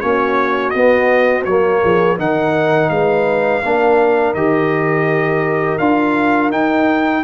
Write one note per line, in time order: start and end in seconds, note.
0.00 0.74 A#3
0.00 0.73 C#4
0.00 1.82 F#4
0.00 0.70 C#5
0.70 1.46 B3
0.70 1.42 D#5
1.45 1.82 F#3
1.45 2.18 A#3
1.45 2.17 C#5
1.82 2.19 F3
1.82 2.18 G#4
2.18 2.90 D#3
2.18 3.63 D#4
2.18 2.91 A#4
2.18 2.89 F#5
2.89 3.62 G#3
2.89 3.64 B4
2.89 4.34 F5
3.64 4.34 A#3
3.64 4.36 D4
3.64 7.24 A#4
4.34 5.79 D#3
4.34 5.80 G4
4.34 5.78 D#5
5.78 6.50 D4
5.78 6.52 F4
5.78 6.50 F5
6.50 7.23 D#4
6.50 7.24 D#4
6.50 7.24 G5